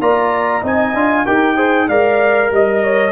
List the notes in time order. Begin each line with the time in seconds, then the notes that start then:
0.00 A#3 F4 D5 A#5
0.61 C4 D#4 D#5 G#5
0.94 D4 F4
1.26 D#4 G4 A#4 G5
1.56 G#4 C5
1.88 G#3 A#4 D5 F5
2.50 G3 D#5
2.83 C#5